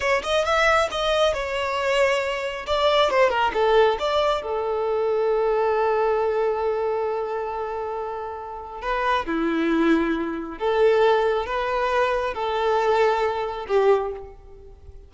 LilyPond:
\new Staff \with { instrumentName = "violin" } { \time 4/4 \tempo 4 = 136 cis''8 dis''8 e''4 dis''4 cis''4~ | cis''2 d''4 c''8 ais'8 | a'4 d''4 a'2~ | a'1~ |
a'1 | b'4 e'2. | a'2 b'2 | a'2. g'4 | }